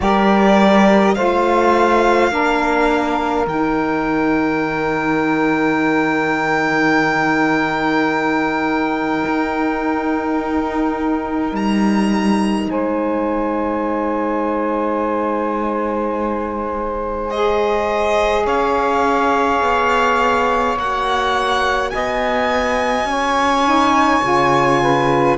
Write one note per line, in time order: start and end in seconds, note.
0.00 1.16 G3
0.00 1.15 G4
0.00 1.16 A#4
0.00 1.14 D5
1.14 2.30 A3
1.14 2.30 F4
1.14 2.31 C5
1.14 3.45 F5
2.30 3.46 A#3
2.30 3.45 D4
2.30 12.70 A#4
3.46 9.23 D#3
3.46 17.31 D#4
3.46 11.55 G5
9.25 11.52 D#4
11.52 12.67 G3
11.52 12.69 A#5
12.69 18.45 G#3
12.69 18.44 C5
12.69 17.30 G#5
17.30 20.76 G#4
17.30 18.45 D#5
18.44 19.61 C#4
18.44 21.90 C#5
18.44 20.78 F5
19.61 20.76 B3
20.76 21.92 A#3
20.76 23.64 F#4
20.76 21.90 F#5
21.90 23.04 B3
21.90 23.09 D#5
21.90 25.36 G#5
23.04 24.20 C#4
23.04 24.81 C#5
23.64 24.22 D#4
24.22 25.37 C#3
24.22 25.37 F4
24.81 25.37 B4